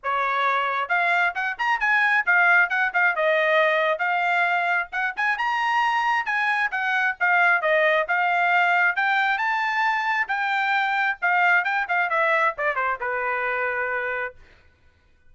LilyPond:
\new Staff \with { instrumentName = "trumpet" } { \time 4/4 \tempo 4 = 134 cis''2 f''4 fis''8 ais''8 | gis''4 f''4 fis''8 f''8 dis''4~ | dis''4 f''2 fis''8 gis''8 | ais''2 gis''4 fis''4 |
f''4 dis''4 f''2 | g''4 a''2 g''4~ | g''4 f''4 g''8 f''8 e''4 | d''8 c''8 b'2. | }